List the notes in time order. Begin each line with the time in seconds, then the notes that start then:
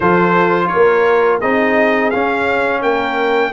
0.00 F3 F4 A4 C5
0.67 A#4 C#5
0.75 A#3
1.39 C4 D#4 G#4 D#5
2.10 C#4 F5
2.81 A#3 A#4 G5